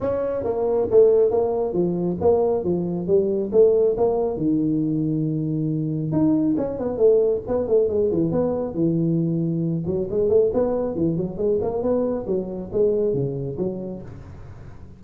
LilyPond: \new Staff \with { instrumentName = "tuba" } { \time 4/4 \tempo 4 = 137 cis'4 ais4 a4 ais4 | f4 ais4 f4 g4 | a4 ais4 dis2~ | dis2 dis'4 cis'8 b8 |
a4 b8 a8 gis8 e8 b4 | e2~ e8 fis8 gis8 a8 | b4 e8 fis8 gis8 ais8 b4 | fis4 gis4 cis4 fis4 | }